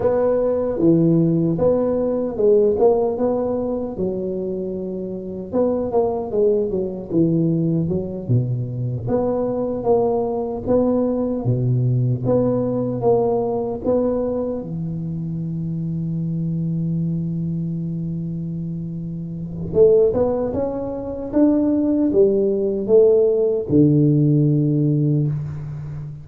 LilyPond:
\new Staff \with { instrumentName = "tuba" } { \time 4/4 \tempo 4 = 76 b4 e4 b4 gis8 ais8 | b4 fis2 b8 ais8 | gis8 fis8 e4 fis8 b,4 b8~ | b8 ais4 b4 b,4 b8~ |
b8 ais4 b4 e4.~ | e1~ | e4 a8 b8 cis'4 d'4 | g4 a4 d2 | }